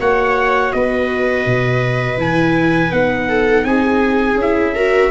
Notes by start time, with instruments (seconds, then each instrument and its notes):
0.00 tuba A#3, viola F#4 C#5, trumpet F#5
0.73 tuba B3, viola B4, trumpet D#5
1.46 tuba B2
2.18 tuba E3, viola E4, trumpet G#5
2.90 tuba B3, viola D#4, trumpet F#5
3.29 viola A4
3.65 tuba C4, viola G#4, trumpet G#5
4.36 tuba C#4
4.42 viola E4, trumpet E5
4.75 viola F#4 A#4